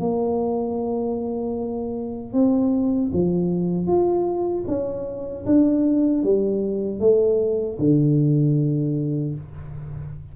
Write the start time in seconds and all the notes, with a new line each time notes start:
0.00 A#3
2.33 C4
3.13 F3
3.87 F4
4.68 C#4
5.46 D4
6.23 G3
7.00 A3
7.79 D3